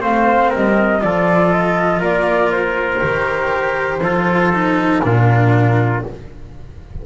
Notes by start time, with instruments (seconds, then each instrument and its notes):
0.00 double bass A3, cello C4, trumpet C5, flute F5
0.50 double bass G3, trumpet A#4, flute D#5
1.00 double bass F3, cello F4, trumpet A4, flute D5
1.51 flute D#5
1.99 double bass A#3, trumpet A#4, flute D5
2.51 flute C5
3.00 double bass D#3, cello G4
4.01 double bass F3, cello F4, trumpet A4
4.53 cello D#4
5.02 double bass A#2, cello D4, trumpet F4, flute A#4